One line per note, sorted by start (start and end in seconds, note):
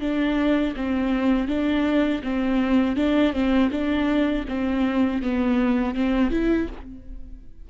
0.00 0.74 D4
0.76 1.48 C4
1.48 2.22 D4
2.23 2.96 C4
2.96 3.33 D4
3.33 3.70 C4
3.71 4.45 D4
4.48 5.22 C4
5.22 5.95 B3
5.95 6.31 C4
6.31 6.68 E4